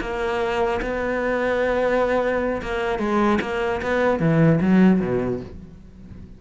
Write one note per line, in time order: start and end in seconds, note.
0.00 0.80 A#3
0.81 2.61 B3
2.62 2.98 A#3
2.98 3.38 G#3
3.41 3.81 A#3
3.81 4.19 B3
4.19 4.59 E3
4.61 5.00 F#3
5.00 5.40 B2